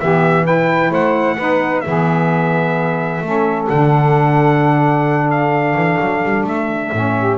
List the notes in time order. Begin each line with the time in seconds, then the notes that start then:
0.00 E3 B3 G4 E5
0.45 E4 B4 G5
0.91 A3 C5 F#5
1.38 B3 D#4 B4
1.81 E3 B3 G#4 E5
3.22 A3 C#4 A4
3.69 D3 D4 F#5
5.31 F5
5.75 E3
6.01 F#3
6.24 G3
6.44 A3 E5
6.93 A2 C#4
7.18 G4